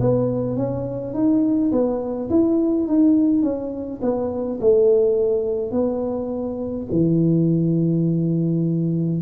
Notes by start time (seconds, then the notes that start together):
0.00 B3
0.57 C#4
1.14 D#4
1.72 B3
2.30 E4
2.87 D#4
3.42 C#4
4.02 B3
4.60 A3
5.71 B3
6.91 E3